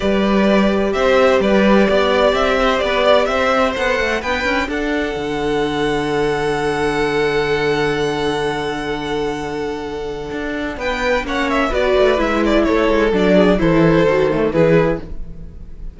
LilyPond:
<<
  \new Staff \with { instrumentName = "violin" } { \time 4/4 \tempo 4 = 128 d''2 e''4 d''4~ | d''4 e''4 d''4 e''4 | fis''4 g''4 fis''2~ | fis''1~ |
fis''1~ | fis''2. g''4 | fis''8 e''8 d''4 e''8 d''8 cis''4 | d''4 c''2 b'4 | }
  \new Staff \with { instrumentName = "violin" } { \time 4/4 b'2 c''4 b'4 | d''4. c''8 b'8 d''8 c''4~ | c''4 b'4 a'2~ | a'1~ |
a'1~ | a'2. b'4 | cis''4 b'2 a'4~ | a'8 gis'8 a'2 gis'4 | }
  \new Staff \with { instrumentName = "viola" } { \time 4/4 g'1~ | g'1 | a'4 d'2.~ | d'1~ |
d'1~ | d'1 | cis'4 fis'4 e'2 | d'4 e'4 fis'8 a8 e'4 | }
  \new Staff \with { instrumentName = "cello" } { \time 4/4 g2 c'4 g4 | b4 c'4 b4 c'4 | b8 a8 b8 cis'8 d'4 d4~ | d1~ |
d1~ | d2 d'4 b4 | ais4 b8 a8 gis4 a8 gis8 | fis4 e4 dis4 e4 | }
>>